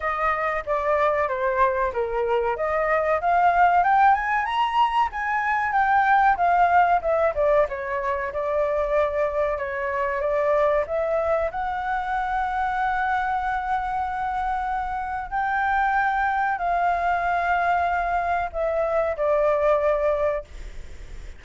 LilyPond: \new Staff \with { instrumentName = "flute" } { \time 4/4 \tempo 4 = 94 dis''4 d''4 c''4 ais'4 | dis''4 f''4 g''8 gis''8 ais''4 | gis''4 g''4 f''4 e''8 d''8 | cis''4 d''2 cis''4 |
d''4 e''4 fis''2~ | fis''1 | g''2 f''2~ | f''4 e''4 d''2 | }